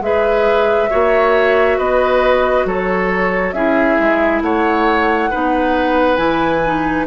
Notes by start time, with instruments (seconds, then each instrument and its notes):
0.00 bassoon G#3, clarinet G#4, oboe B4, flute E5
0.90 bassoon A#3, clarinet F#4, oboe C#5
1.78 bassoon B3, oboe B4, flute D#5
2.65 bassoon F#3, oboe A4, flute C#5
3.53 bassoon C#4, clarinet E4, oboe G#4, flute E5
3.99 bassoon G#3
4.41 bassoon A3, oboe C#5, flute F#5
5.30 bassoon B3, clarinet D#4, oboe B4
6.16 bassoon E3, clarinet E4, flute G#5
6.66 clarinet D#4